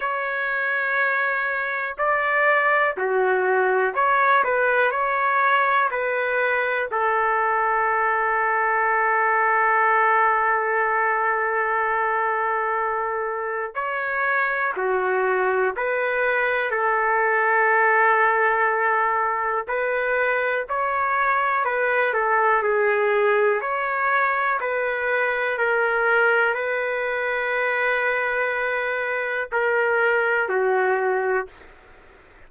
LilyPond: \new Staff \with { instrumentName = "trumpet" } { \time 4/4 \tempo 4 = 61 cis''2 d''4 fis'4 | cis''8 b'8 cis''4 b'4 a'4~ | a'1~ | a'2 cis''4 fis'4 |
b'4 a'2. | b'4 cis''4 b'8 a'8 gis'4 | cis''4 b'4 ais'4 b'4~ | b'2 ais'4 fis'4 | }